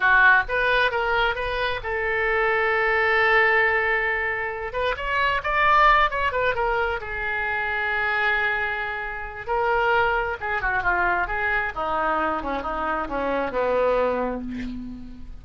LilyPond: \new Staff \with { instrumentName = "oboe" } { \time 4/4 \tempo 4 = 133 fis'4 b'4 ais'4 b'4 | a'1~ | a'2~ a'8 b'8 cis''4 | d''4. cis''8 b'8 ais'4 gis'8~ |
gis'1~ | gis'4 ais'2 gis'8 fis'8 | f'4 gis'4 dis'4. cis'8 | dis'4 cis'4 b2 | }